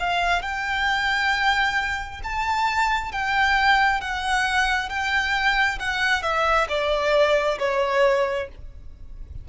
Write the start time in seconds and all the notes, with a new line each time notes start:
0.00 F5
0.42 G5
2.23 A5
3.12 G5
4.01 F#5
4.89 G5
5.79 F#5
6.23 E5
6.69 D5
7.59 C#5